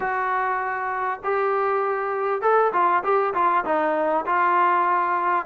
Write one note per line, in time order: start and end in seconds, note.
0.00 1.20 F#4
1.23 2.41 G4
2.41 2.72 A4
2.72 3.03 F4
3.03 3.33 G4
3.34 3.64 F4
3.64 4.25 D#4
4.26 5.45 F4